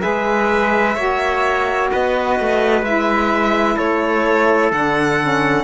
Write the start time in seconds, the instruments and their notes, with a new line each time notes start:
0.00 cello G#3, saxophone G#4, trumpet B4, violin E5
0.96 cello A#3, saxophone F#4, trumpet C#5
1.92 cello B3, trumpet B4, violin D#5
2.40 cello A3
2.82 cello G#3, saxophone E4, violin E5
3.76 cello A3, trumpet A4, violin C#5
4.72 cello D3, saxophone D4, violin F#5
5.21 saxophone C#4